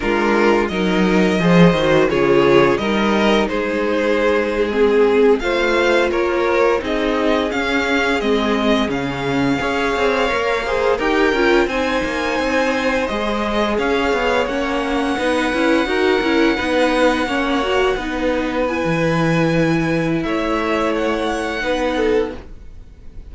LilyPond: <<
  \new Staff \with { instrumentName = "violin" } { \time 4/4 \tempo 4 = 86 ais'4 dis''2 cis''4 | dis''4 c''4.~ c''16 gis'4 f''16~ | f''8. cis''4 dis''4 f''4 dis''16~ | dis''8. f''2. g''16~ |
g''8. gis''2 dis''4 f''16~ | f''8. fis''2.~ fis''16~ | fis''2~ fis''8. gis''4~ gis''16~ | gis''4 e''4 fis''2 | }
  \new Staff \with { instrumentName = "violin" } { \time 4/4 f'4 ais'4 c''4 gis'4 | ais'4 gis'2~ gis'8. c''16~ | c''8. ais'4 gis'2~ gis'16~ | gis'4.~ gis'16 cis''4. c''8 ais'16~ |
ais'8. c''2. cis''16~ | cis''4.~ cis''16 b'4 ais'4 b'16~ | b'8. cis''4 b'2~ b'16~ | b'4 cis''2 b'8 a'8 | }
  \new Staff \with { instrumentName = "viola" } { \time 4/4 d'4 dis'4 gis'8 fis'8 f'4 | dis'2~ dis'8. c'4 f'16~ | f'4.~ f'16 dis'4 cis'4 c'16~ | c'8. cis'4 gis'4 ais'8 gis'8 g'16~ |
g'16 f'8 dis'2 gis'4~ gis'16~ | gis'8. cis'4 dis'8 e'8 fis'8 e'8 dis'16~ | dis'8. cis'8 fis'8 dis'4 e'4~ e'16~ | e'2. dis'4 | }
  \new Staff \with { instrumentName = "cello" } { \time 4/4 gis4 fis4 f8 dis8 cis4 | g4 gis2~ gis8. a16~ | a8. ais4 c'4 cis'4 gis16~ | gis8. cis4 cis'8 c'8 ais4 dis'16~ |
dis'16 cis'8 c'8 ais8 c'4 gis4 cis'16~ | cis'16 b8 ais4 b8 cis'8 dis'8 cis'8 b16~ | b8. ais4 b4~ b16 e4~ | e4 a2 b4 | }
>>